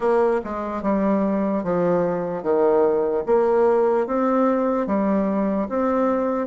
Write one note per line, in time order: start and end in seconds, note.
0.00 0.41 A#3
0.43 0.82 G#3
0.82 1.63 G3
1.63 2.43 F3
2.43 3.24 D#3
3.25 4.07 A#3
4.07 4.86 C4
4.86 5.68 G3
5.68 6.47 C4